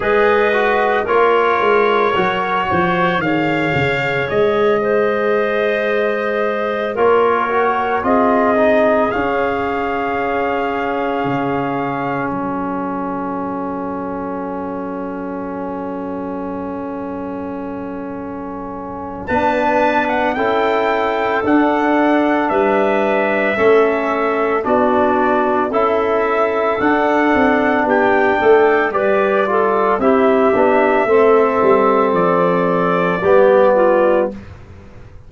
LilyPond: <<
  \new Staff \with { instrumentName = "trumpet" } { \time 4/4 \tempo 4 = 56 dis''4 cis''2 f''4 | dis''2~ dis''8 cis''4 dis''8~ | dis''8 f''2. fis''8~ | fis''1~ |
fis''2 a''8. fis''16 g''4 | fis''4 e''2 d''4 | e''4 fis''4 g''4 d''4 | e''2 d''2 | }
  \new Staff \with { instrumentName = "clarinet" } { \time 4/4 b'4 ais'4. c''8 cis''4~ | cis''8 c''2 ais'4 gis'8~ | gis'2.~ gis'8 a'8~ | a'1~ |
a'2 b'4 a'4~ | a'4 b'4 a'4 fis'4 | a'2 g'8 a'8 b'8 a'8 | g'4 a'2 g'8 f'8 | }
  \new Staff \with { instrumentName = "trombone" } { \time 4/4 gis'8 fis'8 f'4 fis'4 gis'4~ | gis'2~ gis'8 f'8 fis'8 f'8 | dis'8 cis'2.~ cis'8~ | cis'1~ |
cis'2 d'4 e'4 | d'2 cis'4 d'4 | e'4 d'2 g'8 f'8 | e'8 d'8 c'2 b4 | }
  \new Staff \with { instrumentName = "tuba" } { \time 4/4 gis4 ais8 gis8 fis8 f8 dis8 cis8 | gis2~ gis8 ais4 c'8~ | c'8 cis'2 cis4 fis8~ | fis1~ |
fis2 b4 cis'4 | d'4 g4 a4 b4 | cis'4 d'8 c'8 b8 a8 g4 | c'8 b8 a8 g8 f4 g4 | }
>>